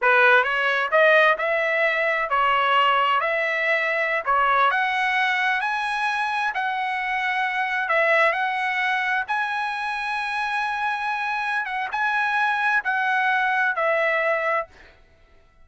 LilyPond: \new Staff \with { instrumentName = "trumpet" } { \time 4/4 \tempo 4 = 131 b'4 cis''4 dis''4 e''4~ | e''4 cis''2 e''4~ | e''4~ e''16 cis''4 fis''4.~ fis''16~ | fis''16 gis''2 fis''4.~ fis''16~ |
fis''4~ fis''16 e''4 fis''4.~ fis''16~ | fis''16 gis''2.~ gis''8.~ | gis''4. fis''8 gis''2 | fis''2 e''2 | }